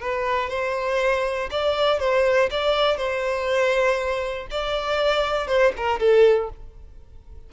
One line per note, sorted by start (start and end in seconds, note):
0.00 0.50 B4
0.50 1.50 C5
1.51 1.99 D5
1.99 2.49 C5
2.50 2.97 D5
2.97 4.47 C5
4.50 5.47 D5
5.47 5.72 C5
5.77 5.99 A#4
5.99 6.49 A4